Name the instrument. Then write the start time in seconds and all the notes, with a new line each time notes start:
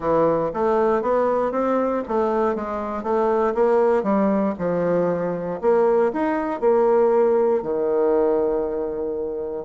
bassoon
0.00 E3
0.53 A3
1.02 B3
1.51 C4
2.08 A3
2.55 G#3
3.03 A3
3.54 A#3
4.03 G3
4.58 F3
5.61 A#3
6.12 D#4
6.60 A#3
7.62 D#3